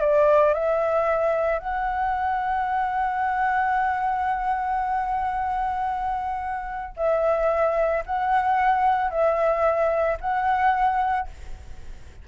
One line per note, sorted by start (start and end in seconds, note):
0.00 0.53 D5
0.53 1.59 E5
1.59 6.94 F#5
6.96 8.04 E5
8.05 9.10 F#5
9.10 10.17 E5
10.20 11.27 F#5